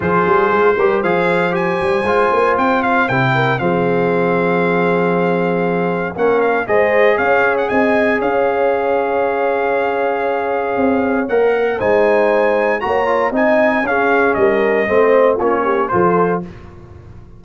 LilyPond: <<
  \new Staff \with { instrumentName = "trumpet" } { \time 4/4 \tempo 4 = 117 c''2 f''4 gis''4~ | gis''4 g''8 f''8 g''4 f''4~ | f''1 | fis''8 f''8 dis''4 f''8. fis''16 gis''4 |
f''1~ | f''2 fis''4 gis''4~ | gis''4 ais''4 gis''4 f''4 | dis''2 cis''4 c''4 | }
  \new Staff \with { instrumentName = "horn" } { \time 4/4 gis'4. ais'8 c''2~ | c''2~ c''8 ais'8 gis'4~ | gis'1 | ais'4 c''4 cis''4 dis''4 |
cis''1~ | cis''2. c''4~ | c''4 cis''4 dis''4 gis'4 | ais'4 c''4 f'8 g'8 a'4 | }
  \new Staff \with { instrumentName = "trombone" } { \time 4/4 f'4. g'8 gis'4 g'4 | f'2 e'4 c'4~ | c'1 | cis'4 gis'2.~ |
gis'1~ | gis'2 ais'4 dis'4~ | dis'4 fis'8 f'8 dis'4 cis'4~ | cis'4 c'4 cis'4 f'4 | }
  \new Staff \with { instrumentName = "tuba" } { \time 4/4 f8 g8 gis8 g8 f4. g8 | gis8 ais8 c'4 c4 f4~ | f1 | ais4 gis4 cis'4 c'4 |
cis'1~ | cis'4 c'4 ais4 gis4~ | gis4 ais4 c'4 cis'4 | g4 a4 ais4 f4 | }
>>